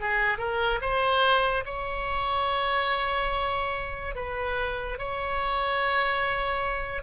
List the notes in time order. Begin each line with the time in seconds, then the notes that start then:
0.00 G#4
0.38 A#4
0.81 C5
1.65 C#5
4.15 B4
4.98 C#5